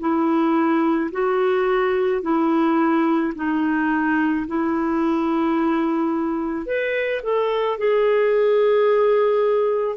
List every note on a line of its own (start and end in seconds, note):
0.00 1.11 E4
1.12 2.22 F#4
2.22 3.33 E4
3.35 4.46 D#4
4.47 6.67 E4
6.67 7.22 B4
7.23 7.78 A4
7.78 9.97 G#4